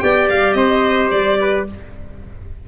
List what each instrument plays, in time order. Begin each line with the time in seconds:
0.00 tuba B3, clarinet G4, trumpet D5, violin G5
0.30 tuba G3, violin F5
0.54 tuba C4, trumpet C5, violin D#5
1.11 tuba G3, violin D5
1.41 trumpet B4